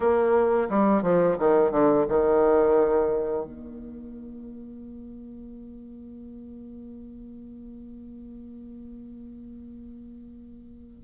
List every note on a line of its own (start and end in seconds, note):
0.00 0.68 A#3
0.69 1.02 G3
1.02 1.37 F3
1.39 1.71 D#3
1.71 2.05 D3
2.08 3.45 D#3
3.45 11.03 A#3